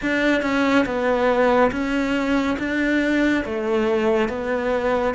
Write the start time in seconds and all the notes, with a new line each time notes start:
0.02 D4
0.42 C#4
0.85 B3
1.71 C#4
2.58 D4
3.44 A3
4.29 B3